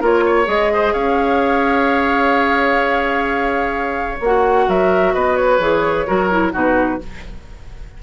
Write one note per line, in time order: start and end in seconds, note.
0.00 0.47 A#3
0.00 0.45 F4
0.00 0.23 A#4
0.00 0.48 C#5
0.26 0.72 C#5
0.45 0.94 G#3
0.45 4.17 G#4
0.45 0.93 D#5
0.73 0.93 C5
0.93 4.19 C#4
0.93 4.65 C#5
0.93 4.19 F5
4.20 4.66 A#3
4.20 5.59 F#4
4.20 4.69 F#5
4.68 5.14 F#3
4.68 5.13 A#4
4.68 5.14 E5
5.13 5.59 B3
5.13 6.06 B4
5.13 5.35 D#5
5.35 6.52 C#5
5.59 6.06 E3
5.59 6.06 G#4
6.06 6.53 F#3
6.06 6.30 F#4
6.06 6.53 A#4
6.30 6.52 E4
6.52 7.00 B2
6.52 6.98 D#4
6.52 6.99 F#4
6.52 7.03 B4